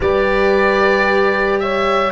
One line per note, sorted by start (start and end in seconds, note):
0.00 2.12 G3
0.00 2.12 G4
0.00 1.62 B4
0.00 1.59 D5
1.59 2.12 C#5
1.59 2.12 E5